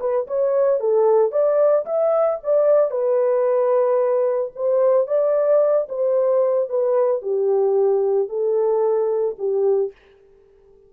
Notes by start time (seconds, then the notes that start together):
0.00 B4
0.27 C#5
0.80 A4
1.32 D5
1.86 E5
2.44 D5
2.91 B4
4.56 C5
5.07 D5
5.89 C5
6.69 B4
7.22 G4
8.29 A4
9.39 G4